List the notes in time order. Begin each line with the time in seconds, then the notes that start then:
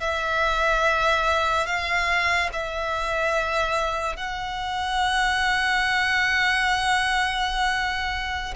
0.00 E5
1.66 F5
2.52 E5
4.16 F#5